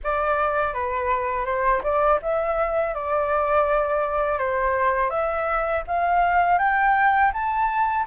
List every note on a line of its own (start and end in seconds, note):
0.03 0.73 D5
0.73 1.45 B4
1.45 1.81 C5
1.83 2.20 D5
2.22 2.94 E5
2.94 4.38 D5
4.38 5.10 C5
5.10 5.83 E5
5.87 6.58 F5
6.58 7.31 G5
7.33 8.06 A5